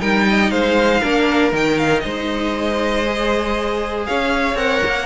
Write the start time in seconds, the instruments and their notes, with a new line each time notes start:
0.00 cello G3, viola D#4, violin A#4 G5
0.30 violin D#5
0.51 cello G#3, violin C5 F5
1.01 cello A#3, viola D4, violin A#4
1.52 cello D#3, viola D#4, violin G5
1.79 violin F5
2.01 cello G#3, violin C5 D#5
3.06 viola G#4
4.07 cello C#4, violin C#5 F5
4.55 cello C4, viola A#4, violin F#5
4.86 cello A#3